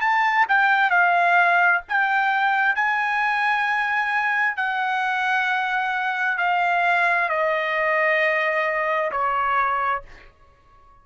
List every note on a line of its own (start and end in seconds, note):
0.00 0.45 A5
0.48 0.90 G5
0.90 1.81 F5
1.88 2.75 G5
2.75 4.56 G#5
4.56 6.38 F#5
6.38 7.29 F5
7.29 9.10 D#5
9.11 10.02 C#5